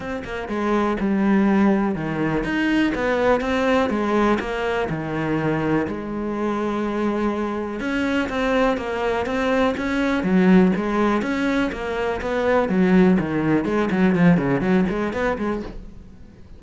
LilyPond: \new Staff \with { instrumentName = "cello" } { \time 4/4 \tempo 4 = 123 c'8 ais8 gis4 g2 | dis4 dis'4 b4 c'4 | gis4 ais4 dis2 | gis1 |
cis'4 c'4 ais4 c'4 | cis'4 fis4 gis4 cis'4 | ais4 b4 fis4 dis4 | gis8 fis8 f8 cis8 fis8 gis8 b8 gis8 | }